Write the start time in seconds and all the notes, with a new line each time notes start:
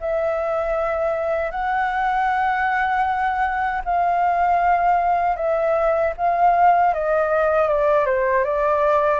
0.00 E5
1.51 F#5
3.84 F5
5.36 E5
6.17 F5
6.94 D#5
7.68 D5
8.06 C5
8.44 D5